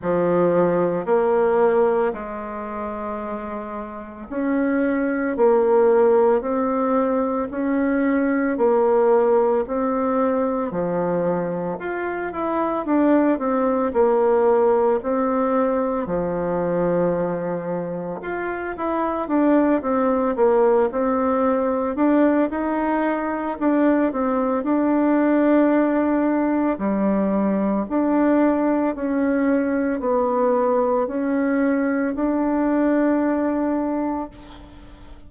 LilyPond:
\new Staff \with { instrumentName = "bassoon" } { \time 4/4 \tempo 4 = 56 f4 ais4 gis2 | cis'4 ais4 c'4 cis'4 | ais4 c'4 f4 f'8 e'8 | d'8 c'8 ais4 c'4 f4~ |
f4 f'8 e'8 d'8 c'8 ais8 c'8~ | c'8 d'8 dis'4 d'8 c'8 d'4~ | d'4 g4 d'4 cis'4 | b4 cis'4 d'2 | }